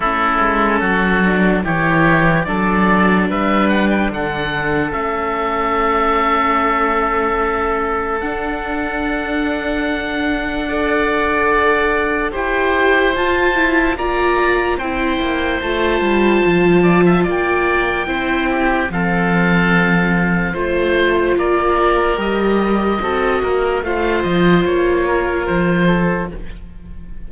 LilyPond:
<<
  \new Staff \with { instrumentName = "oboe" } { \time 4/4 \tempo 4 = 73 a'2 cis''4 d''4 | e''8 fis''16 g''16 fis''4 e''2~ | e''2 fis''2~ | fis''2. g''4 |
a''4 ais''4 g''4 a''4~ | a''4 g''2 f''4~ | f''4 c''4 d''4 dis''4~ | dis''4 f''8 dis''8 cis''4 c''4 | }
  \new Staff \with { instrumentName = "oboe" } { \time 4/4 e'4 fis'4 g'4 a'4 | b'4 a'2.~ | a'1~ | a'4 d''2 c''4~ |
c''4 d''4 c''2~ | c''8 d''16 e''16 d''4 c''8 g'8 a'4~ | a'4 c''4 ais'2 | a'8 ais'8 c''4. ais'4 a'8 | }
  \new Staff \with { instrumentName = "viola" } { \time 4/4 cis'4. d'8 e'4 d'4~ | d'2 cis'2~ | cis'2 d'2~ | d'4 a'2 g'4 |
f'8 e'8 f'4 e'4 f'4~ | f'2 e'4 c'4~ | c'4 f'2 g'4 | fis'4 f'2. | }
  \new Staff \with { instrumentName = "cello" } { \time 4/4 a8 gis8 fis4 e4 fis4 | g4 d4 a2~ | a2 d'2~ | d'2. e'4 |
f'4 ais4 c'8 ais8 a8 g8 | f4 ais4 c'4 f4~ | f4 a4 ais4 g4 | c'8 ais8 a8 f8 ais4 f4 | }
>>